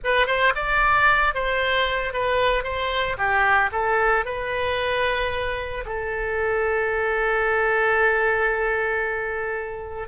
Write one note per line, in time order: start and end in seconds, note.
0.04 0.26 B4
0.26 0.53 C5
0.55 1.34 D5
1.34 2.13 C5
2.13 2.63 B4
2.63 3.16 C5
3.17 3.70 G4
3.72 4.25 A4
4.25 5.84 B4
5.85 10.07 A4